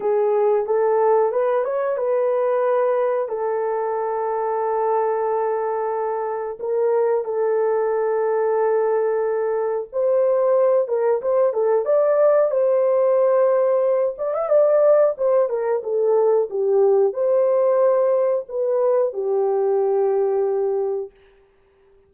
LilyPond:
\new Staff \with { instrumentName = "horn" } { \time 4/4 \tempo 4 = 91 gis'4 a'4 b'8 cis''8 b'4~ | b'4 a'2.~ | a'2 ais'4 a'4~ | a'2. c''4~ |
c''8 ais'8 c''8 a'8 d''4 c''4~ | c''4. d''16 e''16 d''4 c''8 ais'8 | a'4 g'4 c''2 | b'4 g'2. | }